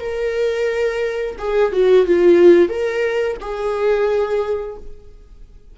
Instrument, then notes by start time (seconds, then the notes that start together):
viola
0.00 A#4
1.38 G#4
1.72 F#4
2.06 F4
2.69 A#4
3.41 G#4